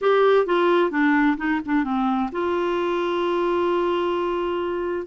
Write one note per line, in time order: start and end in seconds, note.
0.01 0.46 G4
0.46 0.90 F4
0.90 1.37 D4
1.37 1.60 D#4
1.65 1.83 D4
1.83 2.30 C4
2.31 5.06 F4